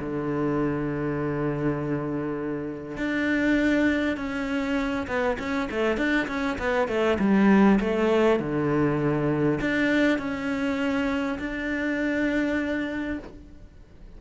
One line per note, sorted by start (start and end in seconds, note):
0.00 2.97 D3
2.97 4.17 D4
4.17 5.07 C#4
5.07 5.37 B3
5.39 5.69 C#4
5.71 5.97 A3
5.97 6.27 D4
6.28 6.58 C#4
6.58 6.88 B3
6.88 7.18 A3
7.19 7.79 G3
7.80 8.40 A3
8.40 9.60 D3
9.61 10.18 D4
10.18 11.38 C#4
11.39 13.19 D4